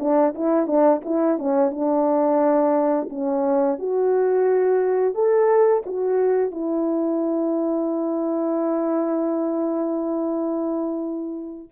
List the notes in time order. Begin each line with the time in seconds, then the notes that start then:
0.00 D4
0.35 E4
0.67 D4
1.05 E4
1.39 C#4
1.71 D4
3.10 C#4
3.79 F#4
5.15 A4
5.87 F#4
6.51 E4